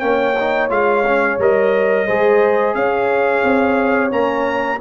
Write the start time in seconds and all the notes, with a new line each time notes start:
0.00 A#3 C#4 C#5 G5
0.40 D#4
0.70 G#3 F4 F5
1.07 C#4
1.39 G3 A#4 D#5
2.07 G#3 G#4 C5
2.75 C#4 C#5 F5
3.44 C4
4.10 A#3 C#4 A#5